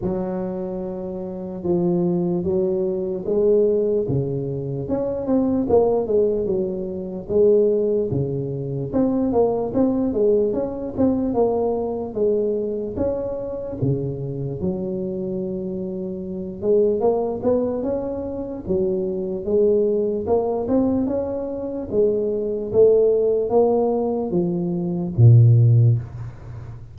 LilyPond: \new Staff \with { instrumentName = "tuba" } { \time 4/4 \tempo 4 = 74 fis2 f4 fis4 | gis4 cis4 cis'8 c'8 ais8 gis8 | fis4 gis4 cis4 c'8 ais8 | c'8 gis8 cis'8 c'8 ais4 gis4 |
cis'4 cis4 fis2~ | fis8 gis8 ais8 b8 cis'4 fis4 | gis4 ais8 c'8 cis'4 gis4 | a4 ais4 f4 ais,4 | }